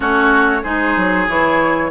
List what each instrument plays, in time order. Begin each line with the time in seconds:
0.00 bassoon A3, clarinet C#4, oboe F#4, flute C#5
0.63 bassoon G#3, clarinet D#4, oboe G#4, flute C5
0.96 bassoon F#3
1.28 bassoon E3, clarinet E4, flute C#5